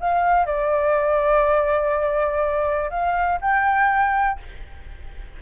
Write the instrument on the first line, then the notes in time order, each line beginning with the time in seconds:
flute
0.00 F5
0.46 D5
2.90 F5
3.41 G5